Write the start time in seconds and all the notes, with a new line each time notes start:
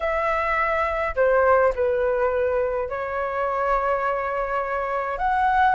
0.00 E5
1.15 C5
1.75 B4
2.89 C#5
5.17 F#5